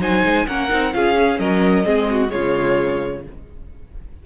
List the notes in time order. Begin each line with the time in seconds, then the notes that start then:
0.00 F#3 D#4 C5 G#5
0.24 G#3
0.47 A#3 C#4 A#4 F#5
0.69 C4 D#4
0.92 C#4 F4 G#4 F5
1.17 C#4
1.39 F#3 A#4 D#5
1.84 G#3 C4 G#4
2.11 F#4
2.28 C#3 G#3 F4 C#5